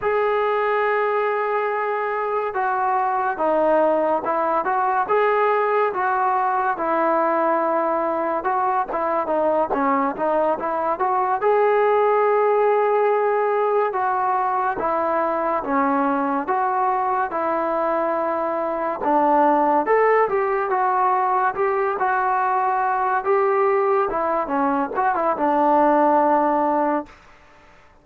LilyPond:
\new Staff \with { instrumentName = "trombone" } { \time 4/4 \tempo 4 = 71 gis'2. fis'4 | dis'4 e'8 fis'8 gis'4 fis'4 | e'2 fis'8 e'8 dis'8 cis'8 | dis'8 e'8 fis'8 gis'2~ gis'8~ |
gis'8 fis'4 e'4 cis'4 fis'8~ | fis'8 e'2 d'4 a'8 | g'8 fis'4 g'8 fis'4. g'8~ | g'8 e'8 cis'8 fis'16 e'16 d'2 | }